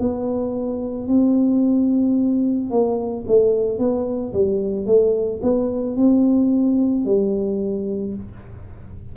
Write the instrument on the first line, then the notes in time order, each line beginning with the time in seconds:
tuba
0.00 B3
1.08 C4
2.71 A#3
3.28 A3
3.79 B3
4.33 G3
4.86 A3
5.43 B3
5.97 C4
7.06 G3